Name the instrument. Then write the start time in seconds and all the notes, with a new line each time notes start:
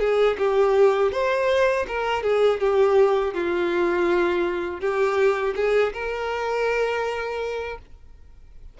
violin
0.00 G#4
0.38 G4
1.12 C5
1.88 A#4
2.23 G#4
2.61 G4
3.34 F4
4.81 G4
5.56 G#4
5.94 A#4